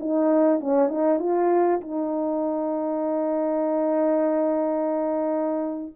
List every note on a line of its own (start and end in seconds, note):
0.00 0.60 D#4
0.60 0.89 C#4
0.89 1.20 D#4
1.20 1.81 F4
1.81 5.94 D#4